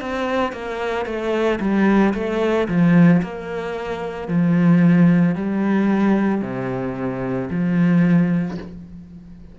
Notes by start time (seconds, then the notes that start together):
0.00 C4
0.52 A#3
1.05 A3
1.60 G3
2.14 A3
2.67 F3
3.22 A#3
4.28 F3
5.35 G3
6.41 C3
7.50 F3